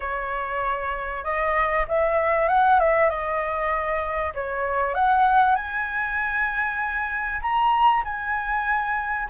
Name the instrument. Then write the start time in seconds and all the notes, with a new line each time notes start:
flute
0.00 C#5
1.24 D#5
1.88 E5
2.48 F#5
2.79 E5
3.09 D#5
4.34 C#5
4.94 F#5
5.55 G#5
7.41 A#5
8.04 G#5